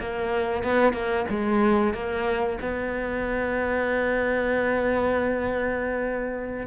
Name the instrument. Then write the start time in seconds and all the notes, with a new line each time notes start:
cello
0.00 A#3
0.63 B3
0.93 A#3
1.30 G#3
1.94 A#3
2.61 B3